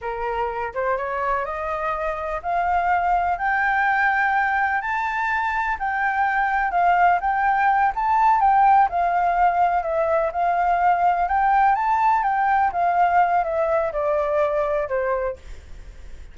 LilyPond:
\new Staff \with { instrumentName = "flute" } { \time 4/4 \tempo 4 = 125 ais'4. c''8 cis''4 dis''4~ | dis''4 f''2 g''4~ | g''2 a''2 | g''2 f''4 g''4~ |
g''8 a''4 g''4 f''4.~ | f''8 e''4 f''2 g''8~ | g''8 a''4 g''4 f''4. | e''4 d''2 c''4 | }